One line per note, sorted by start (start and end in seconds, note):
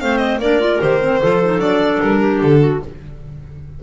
0.00 0.38 A3
0.00 0.40 C4
0.00 0.41 C5
0.00 0.17 F5
0.17 0.37 D#5
0.38 0.78 A#3
0.38 0.60 D4
0.38 1.21 A#4
0.38 0.81 D5
0.60 0.80 F4
0.80 1.22 D#3
0.80 1.00 G4
0.80 1.60 C5
1.01 1.21 C4
1.21 1.58 F3
1.21 1.42 F4
1.21 2.20 A4
1.44 1.59 D#4
1.58 1.98 F#3
1.58 2.80 D4
1.58 2.00 D5
2.01 2.41 G3
2.01 2.41 A#4
2.20 2.60 G4
2.42 2.82 D3
2.42 2.83 A4
2.60 2.80 F#4